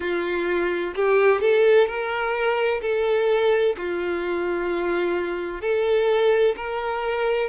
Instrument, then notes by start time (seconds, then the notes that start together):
violin
0.00 F4
0.95 G4
1.40 A4
1.87 A#4
2.81 A4
3.77 F4
5.61 A4
6.56 A#4